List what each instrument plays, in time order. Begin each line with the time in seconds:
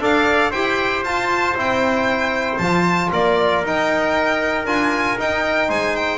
0.00 double bass D4, trombone A4, trumpet D5, violin F5
0.52 double bass E4, trombone G4, trumpet C5, violin G5
1.04 double bass F4, trombone F4, violin A5
1.56 double bass C4, trombone E4, violin G5
2.58 double bass F3, trombone F4, violin A5
3.11 double bass A#3, trumpet A#4, violin D5
3.64 double bass D#4, trombone D#4, violin G5
4.66 double bass D4, trombone F4, violin G#5
5.19 trombone D#4, double bass D#4, violin G5
5.69 double bass G#3, trumpet C5, violin G#5
5.96 violin G5